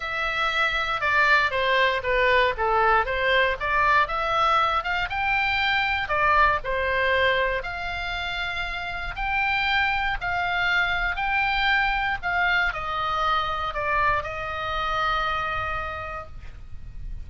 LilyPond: \new Staff \with { instrumentName = "oboe" } { \time 4/4 \tempo 4 = 118 e''2 d''4 c''4 | b'4 a'4 c''4 d''4 | e''4. f''8 g''2 | d''4 c''2 f''4~ |
f''2 g''2 | f''2 g''2 | f''4 dis''2 d''4 | dis''1 | }